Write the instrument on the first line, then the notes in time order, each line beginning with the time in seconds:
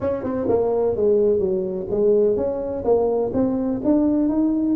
tuba
0.00 C#4
0.23 C4
0.48 A#3
0.96 G#3
1.39 F#3
1.90 G#3
2.36 C#4
2.84 A#3
3.33 C4
3.84 D4
4.28 D#4